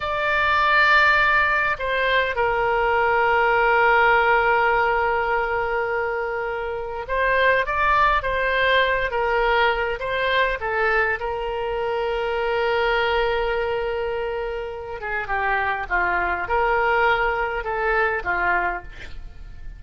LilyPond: \new Staff \with { instrumentName = "oboe" } { \time 4/4 \tempo 4 = 102 d''2. c''4 | ais'1~ | ais'1 | c''4 d''4 c''4. ais'8~ |
ais'4 c''4 a'4 ais'4~ | ais'1~ | ais'4. gis'8 g'4 f'4 | ais'2 a'4 f'4 | }